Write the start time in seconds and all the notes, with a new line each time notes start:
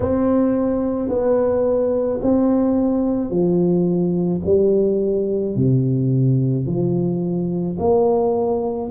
0.00 C4
1.08 B3
2.22 C4
3.30 F3
4.45 G3
5.56 C3
6.66 F3
7.79 A#3